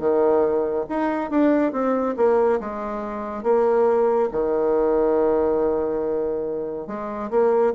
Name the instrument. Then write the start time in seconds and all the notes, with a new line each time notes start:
bassoon
0.00 D#3
0.90 D#4
1.31 D4
1.73 C4
2.17 A#3
2.60 G#3
3.44 A#3
4.32 D#3
6.88 G#3
7.31 A#3